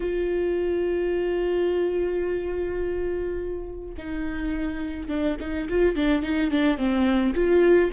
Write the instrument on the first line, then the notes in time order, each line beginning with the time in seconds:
viola
0.00 F4
3.97 D#4
5.08 D4
5.40 D#4
5.69 F4
5.95 D4
6.22 D#4
6.51 D4
6.77 C4
7.34 F4